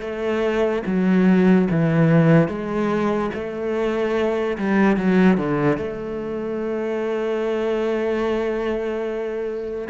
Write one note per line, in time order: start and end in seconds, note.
0.00 0.82 A3
0.86 1.68 F#3
1.71 2.48 E3
2.48 3.30 G#3
3.34 4.57 A3
4.58 4.96 G3
4.96 5.37 F#3
5.37 5.77 D3
5.77 9.88 A3